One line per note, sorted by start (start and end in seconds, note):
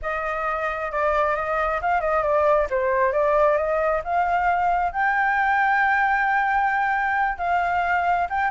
0.02 0.91 D#5
0.91 1.35 D5
1.35 1.80 D#5
1.81 2.00 F5
2.00 2.22 D#5
2.22 2.67 D5
2.69 3.12 C5
3.12 3.57 D5
3.57 4.01 D#5
4.04 4.92 F5
4.92 7.38 G5
7.38 8.27 F5
8.29 8.50 G5